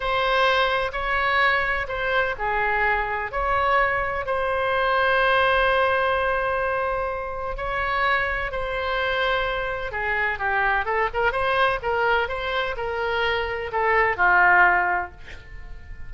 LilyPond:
\new Staff \with { instrumentName = "oboe" } { \time 4/4 \tempo 4 = 127 c''2 cis''2 | c''4 gis'2 cis''4~ | cis''4 c''2.~ | c''1 |
cis''2 c''2~ | c''4 gis'4 g'4 a'8 ais'8 | c''4 ais'4 c''4 ais'4~ | ais'4 a'4 f'2 | }